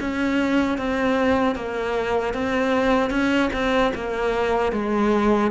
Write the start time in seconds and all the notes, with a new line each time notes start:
0.00 C#4
0.78 C4
1.56 A#3
2.34 C4
3.10 C#4
3.53 C4
3.95 A#3
4.72 G#3